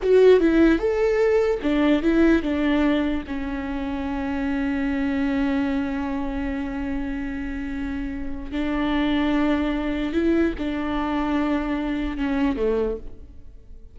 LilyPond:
\new Staff \with { instrumentName = "viola" } { \time 4/4 \tempo 4 = 148 fis'4 e'4 a'2 | d'4 e'4 d'2 | cis'1~ | cis'1~ |
cis'1~ | cis'4 d'2.~ | d'4 e'4 d'2~ | d'2 cis'4 a4 | }